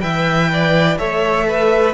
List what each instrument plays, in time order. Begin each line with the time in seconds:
0.00 cello E3, viola B4, violin E5 G5
0.53 violin D5
0.98 cello A3, viola A4, violin C#5 E5
1.48 violin B4